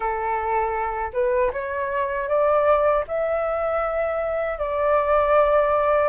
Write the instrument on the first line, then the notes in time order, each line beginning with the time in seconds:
flute
0.00 A4
1.13 B4
1.52 C#5
2.28 D5
3.07 E5
4.58 D5